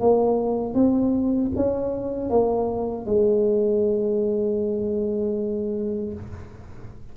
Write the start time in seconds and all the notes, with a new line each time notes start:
0.00 A#3
0.74 C4
1.55 C#4
2.30 A#3
3.05 G#3